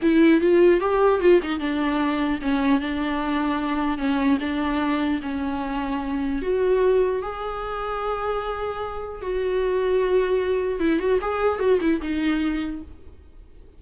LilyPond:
\new Staff \with { instrumentName = "viola" } { \time 4/4 \tempo 4 = 150 e'4 f'4 g'4 f'8 dis'8 | d'2 cis'4 d'4~ | d'2 cis'4 d'4~ | d'4 cis'2. |
fis'2 gis'2~ | gis'2. fis'4~ | fis'2. e'8 fis'8 | gis'4 fis'8 e'8 dis'2 | }